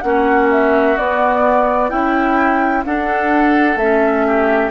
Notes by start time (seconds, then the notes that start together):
0.00 A#3 C#4 F#4 F#5
0.51 E5
0.97 B3 D5
1.89 C#4 E4 G5
2.85 D4 A4 F#5
3.76 A3 C#4 E5
4.26 G4